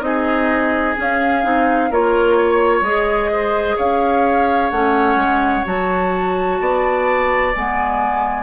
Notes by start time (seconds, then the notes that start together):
0.00 C4 D#4 G#4 D#5
0.96 C#4 F5
1.43 C4 D#4
1.90 A#3 F4 A#4 C#5
2.36 C#5
2.81 G#3 G#4 D#5
3.32 C5
3.76 C#4 C#5 F5
4.70 A3 C#4 F#5
5.15 G#3
5.64 F#3 F#4 A5
6.60 B3 D5
7.55 G#3 B3 G#5